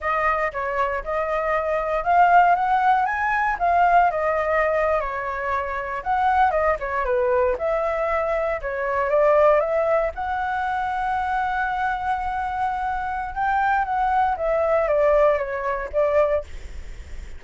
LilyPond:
\new Staff \with { instrumentName = "flute" } { \time 4/4 \tempo 4 = 117 dis''4 cis''4 dis''2 | f''4 fis''4 gis''4 f''4 | dis''4.~ dis''16 cis''2 fis''16~ | fis''8. dis''8 cis''8 b'4 e''4~ e''16~ |
e''8. cis''4 d''4 e''4 fis''16~ | fis''1~ | fis''2 g''4 fis''4 | e''4 d''4 cis''4 d''4 | }